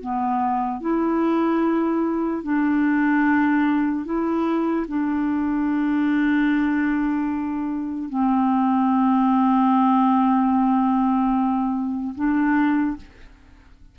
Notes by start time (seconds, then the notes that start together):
0.00 B3
0.81 E4
2.43 D4
4.05 E4
4.88 D4
8.09 C4
12.15 D4